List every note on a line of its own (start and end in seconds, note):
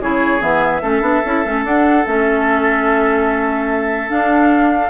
0.00 0.41 C#3
0.00 0.40 E4
0.00 0.82 G#4
0.00 0.41 C#5
0.40 0.81 E3
0.40 0.80 B3
0.40 1.64 E5
0.81 1.01 A3
0.81 1.01 C#4
0.81 4.90 A4
1.01 1.21 B3
1.01 1.22 D4
1.25 1.45 C#4
1.25 1.44 E4
1.44 1.64 A3
1.44 1.63 C#4
1.63 2.04 D4
1.63 2.05 D4
1.63 2.06 F#5
2.06 4.10 A3
2.06 4.08 C#4
2.06 4.10 E5
4.08 4.90 D4
4.08 4.90 F5